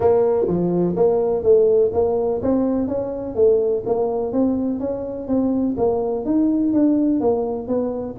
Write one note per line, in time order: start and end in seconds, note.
0.00 0.47 A#3
0.47 0.95 F3
0.96 1.43 A#3
1.43 1.91 A3
1.93 2.41 A#3
2.42 2.87 C4
2.87 3.35 C#4
3.35 3.83 A3
3.86 4.32 A#3
4.32 4.79 C4
4.79 5.27 C#4
5.27 5.75 C4
5.77 6.25 A#3
6.25 6.73 D#4
6.73 7.20 D4
7.20 7.67 A#3
7.67 8.15 B3